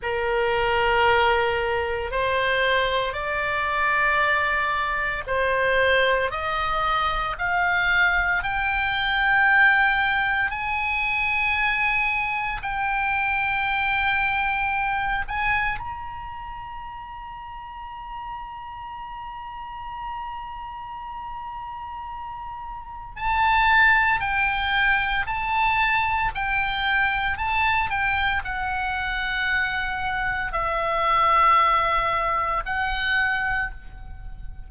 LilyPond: \new Staff \with { instrumentName = "oboe" } { \time 4/4 \tempo 4 = 57 ais'2 c''4 d''4~ | d''4 c''4 dis''4 f''4 | g''2 gis''2 | g''2~ g''8 gis''8 ais''4~ |
ais''1~ | ais''2 a''4 g''4 | a''4 g''4 a''8 g''8 fis''4~ | fis''4 e''2 fis''4 | }